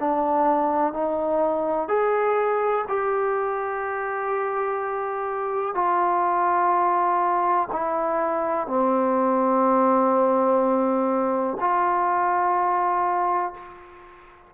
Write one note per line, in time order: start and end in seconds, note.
0.00 0.93 D4
0.93 1.89 D#4
1.89 2.85 G#4
2.89 5.75 G4
5.75 7.69 F4
7.72 8.67 E4
8.67 11.58 C4
11.61 13.54 F4